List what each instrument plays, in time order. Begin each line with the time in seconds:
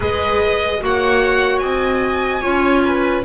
0.00 double bass G#3, clarinet G#4, viola B4, violin D#5
0.79 double bass A#3, clarinet F#4, viola C#5, violin F#5
1.59 double bass C4, viola D#5, violin G#5
2.41 double bass C#4, clarinet F4, viola C#5
2.84 viola B4